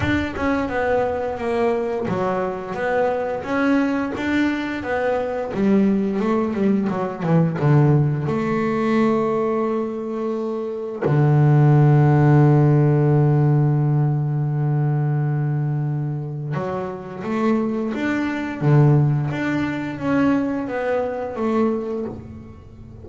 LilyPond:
\new Staff \with { instrumentName = "double bass" } { \time 4/4 \tempo 4 = 87 d'8 cis'8 b4 ais4 fis4 | b4 cis'4 d'4 b4 | g4 a8 g8 fis8 e8 d4 | a1 |
d1~ | d1 | fis4 a4 d'4 d4 | d'4 cis'4 b4 a4 | }